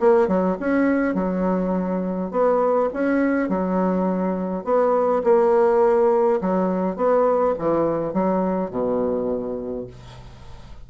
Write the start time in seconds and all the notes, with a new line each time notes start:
0.00 A#3
0.28 F#3
0.60 C#4
1.15 F#3
2.31 B3
2.94 C#4
3.49 F#3
4.65 B3
5.24 A#3
6.42 F#3
6.96 B3
7.59 E3
8.14 F#3
8.71 B2